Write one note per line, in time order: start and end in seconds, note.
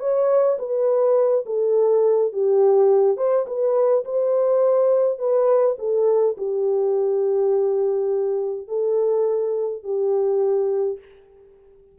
0.00 0.58 C#5
0.59 1.45 B4
1.46 2.33 A4
2.33 3.17 G4
3.17 3.46 C5
3.47 4.04 B4
4.05 5.19 C5
5.19 5.76 B4
5.79 6.36 A4
6.37 8.68 G4
8.68 9.83 A4
9.84 10.99 G4